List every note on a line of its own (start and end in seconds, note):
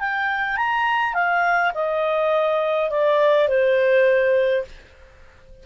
0.00 0.56 G5
0.56 1.14 A#5
1.14 1.72 F5
1.74 2.90 D#5
2.90 3.48 D5
3.48 4.64 C5